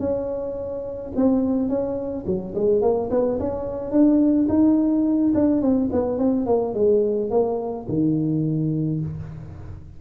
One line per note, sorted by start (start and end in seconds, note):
0.00 1.12 C#4
1.16 1.69 C4
1.69 2.25 C#4
2.27 2.55 F#3
2.55 2.82 G#3
2.82 3.10 A#3
3.11 3.39 B3
3.40 3.92 C#4
3.92 4.48 D4
4.49 5.33 D#4
5.34 5.62 D4
5.62 5.90 C4
5.93 6.19 B3
6.19 6.46 C4
6.46 6.74 A#3
6.74 7.30 G#3
7.31 7.87 A#3
7.89 9.01 D#3